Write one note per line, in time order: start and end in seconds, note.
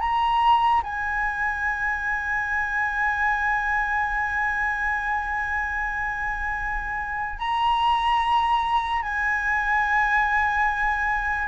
0.00 0.82 A#5
0.83 7.39 G#5
7.39 9.02 A#5
9.02 11.48 G#5